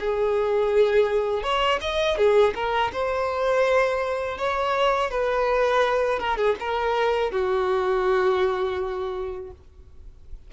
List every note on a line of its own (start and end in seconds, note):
0.00 1.43 G#4
1.43 1.80 C#5
1.81 2.18 D#5
2.18 2.54 G#4
2.55 2.92 A#4
2.93 4.38 C5
4.38 5.11 C#5
5.11 6.20 B4
6.20 6.38 A#4
6.38 6.56 G#4
6.60 7.32 A#4
7.32 9.51 F#4